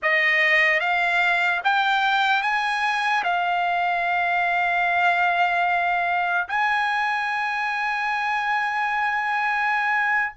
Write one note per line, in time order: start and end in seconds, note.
0.02 0.80 D#5
0.80 1.61 F5
1.64 2.42 G5
2.42 3.23 G#5
3.23 6.48 F5
6.48 10.33 G#5